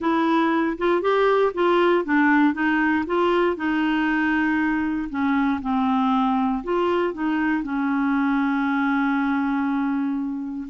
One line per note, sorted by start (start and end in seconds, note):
0.00 0.77 E4
0.78 1.01 F4
1.01 1.52 G4
1.54 2.05 F4
2.05 2.53 D4
2.53 3.04 D#4
3.06 3.56 F4
3.56 5.08 D#4
5.09 5.60 C#4
5.61 6.63 C4
6.63 7.13 F4
7.13 7.63 D#4
7.63 10.68 C#4